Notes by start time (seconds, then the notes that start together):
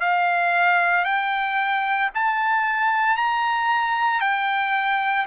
0.00 F5
1.04 G5
2.14 A5
3.16 A#5
4.20 G5